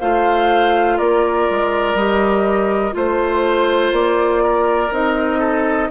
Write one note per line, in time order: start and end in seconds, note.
0.00 0.99 A3
0.00 1.98 F4
0.00 0.98 C5
0.00 0.98 F5
0.98 1.49 A#3
0.98 2.94 A#4
0.98 1.96 D5
1.51 1.95 G#3
1.95 2.93 G3
1.95 2.92 G4
1.95 2.94 D#5
2.92 3.92 A3
2.92 4.89 F4
2.92 3.94 C5
2.92 4.44 C5
3.92 4.91 A#3
3.92 4.93 D5
4.44 5.40 A#4
4.91 5.90 C4
4.91 5.90 D#4
4.91 5.91 D#5
5.40 5.89 A4